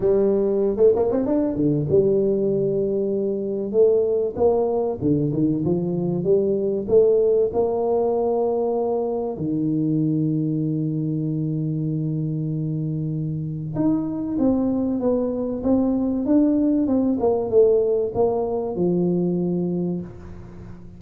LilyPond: \new Staff \with { instrumentName = "tuba" } { \time 4/4 \tempo 4 = 96 g4~ g16 a16 ais16 c'16 d'8 d8 g4~ | g2 a4 ais4 | d8 dis8 f4 g4 a4 | ais2. dis4~ |
dis1~ | dis2 dis'4 c'4 | b4 c'4 d'4 c'8 ais8 | a4 ais4 f2 | }